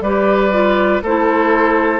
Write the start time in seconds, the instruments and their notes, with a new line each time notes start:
0.00 bassoon G3, clarinet G4, oboe B4, flute D5
0.51 clarinet F4
1.02 bassoon A3, clarinet E4, oboe A4, flute C5